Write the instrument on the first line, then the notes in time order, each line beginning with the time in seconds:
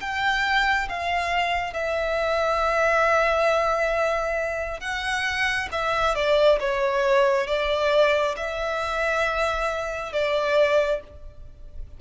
violin
0.00 G5
0.89 F5
1.74 E5
4.80 F#5
5.72 E5
6.15 D5
6.60 C#5
7.47 D5
8.36 E5
10.13 D5